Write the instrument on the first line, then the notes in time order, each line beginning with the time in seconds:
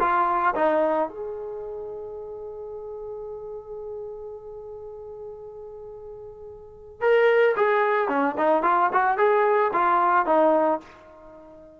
trombone
0.00 F4
0.55 D#4
1.08 G#4
7.01 A#4
7.56 G#4
8.08 C#4
8.37 D#4
8.62 F4
8.92 F#4
9.17 G#4
9.73 F4
10.26 D#4